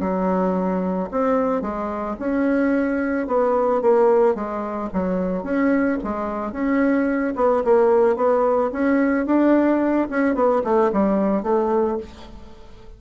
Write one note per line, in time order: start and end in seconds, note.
0.00 1.09 F#3
1.11 1.61 C4
1.61 2.16 G#3
2.19 3.27 C#4
3.27 3.81 B3
3.81 4.35 A#3
4.35 4.89 G#3
4.93 5.43 F#3
5.43 5.98 C#4
6.03 6.52 G#3
6.52 7.34 C#4
7.36 7.63 B3
7.64 8.16 A#3
8.16 8.70 B3
8.72 9.26 C#4
9.26 10.08 D4
10.10 10.35 C#4
10.35 10.62 B3
10.64 10.91 A3
10.92 11.43 G3
11.43 11.97 A3